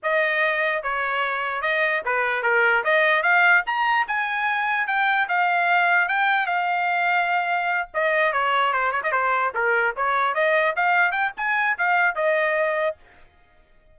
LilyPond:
\new Staff \with { instrumentName = "trumpet" } { \time 4/4 \tempo 4 = 148 dis''2 cis''2 | dis''4 b'4 ais'4 dis''4 | f''4 ais''4 gis''2 | g''4 f''2 g''4 |
f''2.~ f''8 dis''8~ | dis''8 cis''4 c''8 cis''16 dis''16 c''4 ais'8~ | ais'8 cis''4 dis''4 f''4 g''8 | gis''4 f''4 dis''2 | }